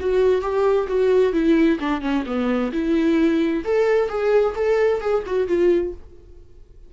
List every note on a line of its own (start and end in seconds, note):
0.00 0.41 F#4
0.41 0.87 G4
0.88 1.33 F#4
1.33 1.79 E4
1.80 2.02 D4
2.02 2.24 C#4
2.26 2.72 B3
2.72 3.64 E4
3.65 4.09 A4
4.09 4.55 G#4
4.55 5.01 A4
5.01 5.24 G#4
5.27 5.48 F#4
5.48 5.93 F4